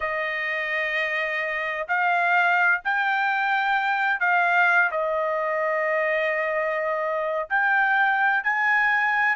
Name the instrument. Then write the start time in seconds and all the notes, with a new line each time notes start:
trumpet
0.00 D#5
1.87 F5
2.84 G5
4.20 F5
4.91 D#5
7.49 G5
8.43 G#5